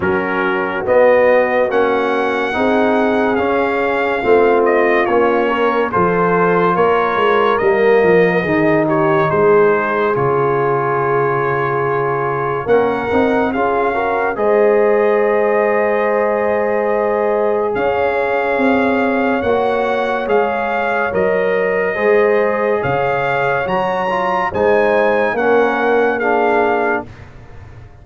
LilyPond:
<<
  \new Staff \with { instrumentName = "trumpet" } { \time 4/4 \tempo 4 = 71 ais'4 dis''4 fis''2 | f''4. dis''8 cis''4 c''4 | cis''4 dis''4. cis''8 c''4 | cis''2. fis''4 |
f''4 dis''2.~ | dis''4 f''2 fis''4 | f''4 dis''2 f''4 | ais''4 gis''4 fis''4 f''4 | }
  \new Staff \with { instrumentName = "horn" } { \time 4/4 fis'2. gis'4~ | gis'4 f'4. ais'8 a'4 | ais'2 gis'8 g'8 gis'4~ | gis'2. ais'4 |
gis'8 ais'8 c''2.~ | c''4 cis''2.~ | cis''2 c''4 cis''4~ | cis''4 c''4 ais'4 gis'4 | }
  \new Staff \with { instrumentName = "trombone" } { \time 4/4 cis'4 b4 cis'4 dis'4 | cis'4 c'4 cis'4 f'4~ | f'4 ais4 dis'2 | f'2. cis'8 dis'8 |
f'8 fis'8 gis'2.~ | gis'2. fis'4 | gis'4 ais'4 gis'2 | fis'8 f'8 dis'4 cis'4 d'4 | }
  \new Staff \with { instrumentName = "tuba" } { \time 4/4 fis4 b4 ais4 c'4 | cis'4 a4 ais4 f4 | ais8 gis8 g8 f8 dis4 gis4 | cis2. ais8 c'8 |
cis'4 gis2.~ | gis4 cis'4 c'4 ais4 | gis4 fis4 gis4 cis4 | fis4 gis4 ais2 | }
>>